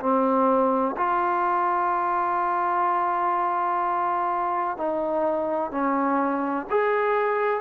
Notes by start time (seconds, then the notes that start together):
0.00 C4
0.97 F4
4.77 D#4
5.71 C#4
6.69 G#4